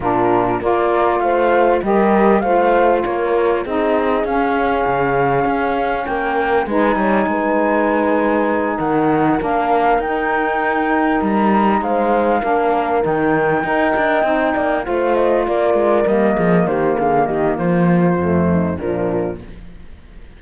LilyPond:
<<
  \new Staff \with { instrumentName = "flute" } { \time 4/4 \tempo 4 = 99 ais'4 d''4 f''4 dis''4 | f''4 cis''4 dis''4 f''4~ | f''2 g''4 gis''4~ | gis''2~ gis''8 fis''4 f''8~ |
f''8 g''2 ais''4 f''8~ | f''4. g''2~ g''8~ | g''8 f''8 dis''8 d''4 dis''4 c''8 | f''8 dis''8 c''2 ais'4 | }
  \new Staff \with { instrumentName = "horn" } { \time 4/4 f'4 ais'4 c''4 ais'4 | c''4 ais'4 gis'2~ | gis'2 ais'4 b'8 cis''8 | b'2~ b'8 ais'4.~ |
ais'2.~ ais'8 c''8~ | c''8 ais'2 dis''4. | d''8 c''4 ais'4. gis'8 g'8 | gis'8 g'8 f'4. dis'8 d'4 | }
  \new Staff \with { instrumentName = "saxophone" } { \time 4/4 d'4 f'2 g'4 | f'2 dis'4 cis'4~ | cis'2. dis'4~ | dis'2.~ dis'8 d'8~ |
d'8 dis'2.~ dis'8~ | dis'8 d'4 dis'4 ais'4 dis'8~ | dis'8 f'2 ais4.~ | ais2 a4 f4 | }
  \new Staff \with { instrumentName = "cello" } { \time 4/4 ais,4 ais4 a4 g4 | a4 ais4 c'4 cis'4 | cis4 cis'4 ais4 gis8 g8 | gis2~ gis8 dis4 ais8~ |
ais8 dis'2 g4 gis8~ | gis8 ais4 dis4 dis'8 d'8 c'8 | ais8 a4 ais8 gis8 g8 f8 dis8 | d8 dis8 f4 f,4 ais,4 | }
>>